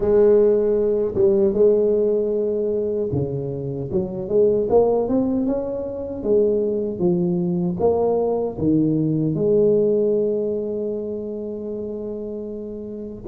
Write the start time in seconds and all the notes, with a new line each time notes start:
0.00 G#3
1.14 G3
1.53 G#3
3.12 C#3
3.91 F#3
4.28 G#3
4.69 A#3
5.08 C4
5.46 C#4
6.23 G#3
6.98 F3
7.79 A#3
8.57 D#3
9.34 G#3